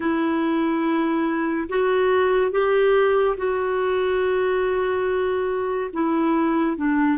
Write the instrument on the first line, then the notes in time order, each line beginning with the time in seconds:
clarinet
0.00 E4
1.69 F#4
2.51 G4
3.37 F#4
5.93 E4
6.76 D4